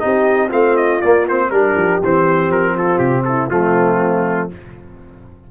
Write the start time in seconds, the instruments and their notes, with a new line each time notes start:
0.00 tuba C4, trombone D#4, horn G4, trumpet D#5
0.49 tuba A3, trombone C4, horn F4, trumpet F5
0.77 trumpet D#5
1.01 tuba A#3, trombone A#3, trumpet D5
1.29 trombone C4, trumpet C5
1.51 tuba G3, trombone D4, horn G4, trumpet A#4
1.76 tuba F3
2.03 tuba E3, trombone C4, trumpet C5
2.49 tuba F3, trumpet A#4
2.74 horn F4, trumpet A4
2.99 tuba C3, trumpet G4
3.25 horn E4, trumpet A4
3.50 tuba F3, trombone A3, horn C4, trumpet F4